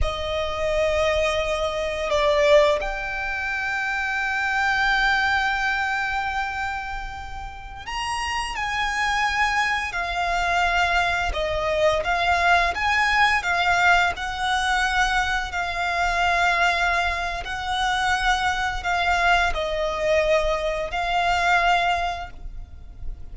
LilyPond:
\new Staff \with { instrumentName = "violin" } { \time 4/4 \tempo 4 = 86 dis''2. d''4 | g''1~ | g''2.~ g''16 ais''8.~ | ais''16 gis''2 f''4.~ f''16~ |
f''16 dis''4 f''4 gis''4 f''8.~ | f''16 fis''2 f''4.~ f''16~ | f''4 fis''2 f''4 | dis''2 f''2 | }